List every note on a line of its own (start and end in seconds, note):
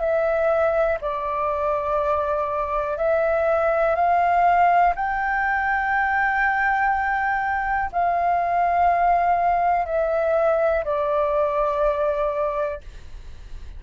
0.00 0.98 E5
1.01 2.98 D5
2.98 3.96 E5
3.96 4.94 F5
4.96 7.91 G5
7.92 9.86 F5
9.86 10.85 E5
10.85 12.81 D5